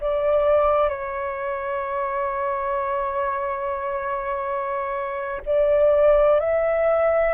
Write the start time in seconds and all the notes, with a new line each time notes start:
0.00 D5
0.89 C#5
5.45 D5
6.39 E5